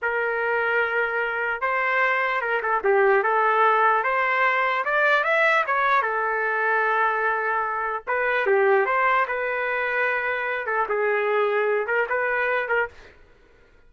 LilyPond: \new Staff \with { instrumentName = "trumpet" } { \time 4/4 \tempo 4 = 149 ais'1 | c''2 ais'8 a'8 g'4 | a'2 c''2 | d''4 e''4 cis''4 a'4~ |
a'1 | b'4 g'4 c''4 b'4~ | b'2~ b'8 a'8 gis'4~ | gis'4. ais'8 b'4. ais'8 | }